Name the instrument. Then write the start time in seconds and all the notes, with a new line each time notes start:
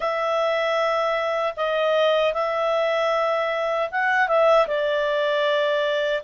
clarinet
0.00 E5
1.56 D#5
2.33 E5
3.91 F#5
4.28 E5
4.67 D5